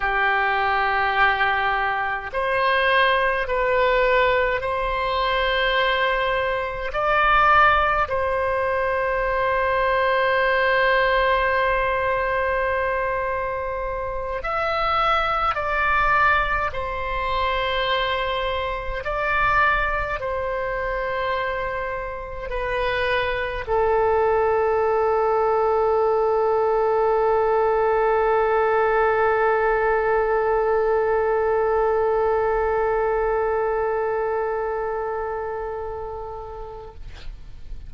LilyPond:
\new Staff \with { instrumentName = "oboe" } { \time 4/4 \tempo 4 = 52 g'2 c''4 b'4 | c''2 d''4 c''4~ | c''1~ | c''8 e''4 d''4 c''4.~ |
c''8 d''4 c''2 b'8~ | b'8 a'2.~ a'8~ | a'1~ | a'1 | }